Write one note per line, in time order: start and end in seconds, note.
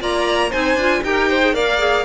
0.00 0.52 A#3
0.00 0.51 F4
0.00 0.50 D5
0.00 0.53 A#5
0.50 0.76 C4
0.50 0.78 D#4
0.50 1.01 C5
0.50 1.04 G#5
0.76 1.02 D4
0.76 1.04 F4
1.04 1.54 D#4
1.04 1.41 G4
1.04 1.30 A#4
1.04 1.55 G5
1.30 1.55 C5
1.41 1.54 G#4
1.54 2.06 A#3
1.54 1.79 A#4
1.54 2.06 D5
1.54 2.06 F5
1.79 2.05 G#4